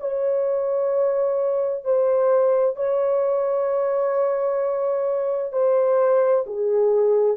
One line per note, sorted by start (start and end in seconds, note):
0.00 1.85 C#5
1.85 2.76 C5
2.76 5.53 C#5
5.53 6.45 C5
6.47 7.37 G#4